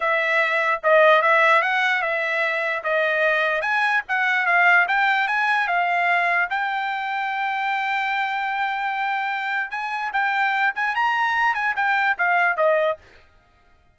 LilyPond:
\new Staff \with { instrumentName = "trumpet" } { \time 4/4 \tempo 4 = 148 e''2 dis''4 e''4 | fis''4 e''2 dis''4~ | dis''4 gis''4 fis''4 f''4 | g''4 gis''4 f''2 |
g''1~ | g''1 | gis''4 g''4. gis''8 ais''4~ | ais''8 gis''8 g''4 f''4 dis''4 | }